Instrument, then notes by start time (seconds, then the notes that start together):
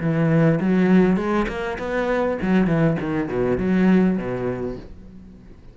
cello
0.00 E3
0.60 F#3
1.17 G#3
1.48 A#3
1.78 B3
2.42 F#3
2.67 E3
3.00 D#3
3.29 B2
3.58 F#3
4.17 B2